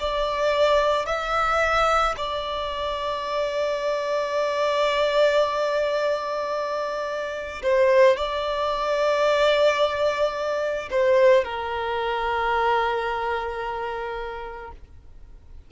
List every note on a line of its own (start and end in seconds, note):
0.00 1.06 D5
1.06 2.15 E5
2.17 7.62 D5
7.63 8.16 C5
8.16 10.89 D5
10.90 11.44 C5
11.44 14.71 A#4